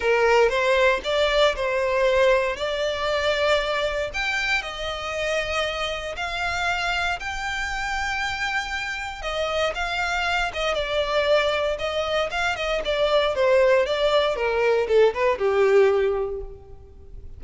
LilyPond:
\new Staff \with { instrumentName = "violin" } { \time 4/4 \tempo 4 = 117 ais'4 c''4 d''4 c''4~ | c''4 d''2. | g''4 dis''2. | f''2 g''2~ |
g''2 dis''4 f''4~ | f''8 dis''8 d''2 dis''4 | f''8 dis''8 d''4 c''4 d''4 | ais'4 a'8 b'8 g'2 | }